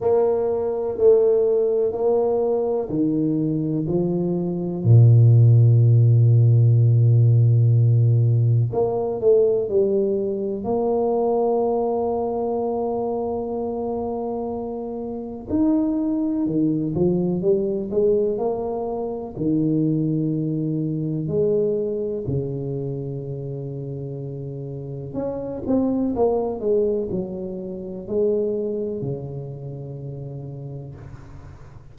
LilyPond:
\new Staff \with { instrumentName = "tuba" } { \time 4/4 \tempo 4 = 62 ais4 a4 ais4 dis4 | f4 ais,2.~ | ais,4 ais8 a8 g4 ais4~ | ais1 |
dis'4 dis8 f8 g8 gis8 ais4 | dis2 gis4 cis4~ | cis2 cis'8 c'8 ais8 gis8 | fis4 gis4 cis2 | }